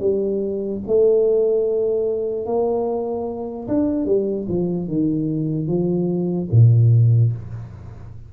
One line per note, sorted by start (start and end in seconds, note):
0.00 0.81 G3
0.87 2.46 A3
2.46 3.67 A#3
3.67 4.05 D4
4.05 4.46 G3
4.48 4.88 F3
4.88 5.68 D#3
5.68 6.49 F3
6.52 7.33 A#2